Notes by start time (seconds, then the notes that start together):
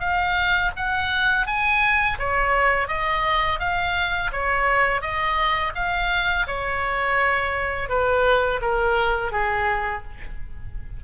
0.00 F5
0.77 F#5
1.47 G#5
2.19 C#5
2.88 D#5
3.60 F5
4.33 C#5
5.02 D#5
5.76 F5
6.48 C#5
7.89 B4
8.62 A#4
9.32 G#4